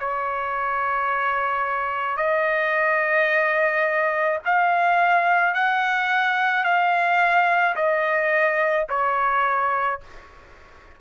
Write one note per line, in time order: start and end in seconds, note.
0.00 2.17 C#5
2.17 4.39 D#5
4.45 5.55 F5
5.55 6.64 F#5
6.64 7.75 F5
7.76 8.87 D#5
8.89 10.01 C#5